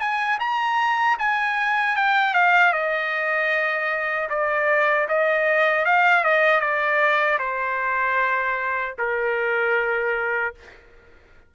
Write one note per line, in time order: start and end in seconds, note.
0.00 0.39 G#5
0.40 1.18 A#5
1.19 1.96 G#5
1.96 2.34 G5
2.34 2.73 F5
2.73 4.29 D#5
4.30 5.08 D5
5.09 5.85 D#5
5.85 6.24 F5
6.24 6.61 D#5
6.61 7.39 D5
7.39 8.95 C5
8.99 10.55 A#4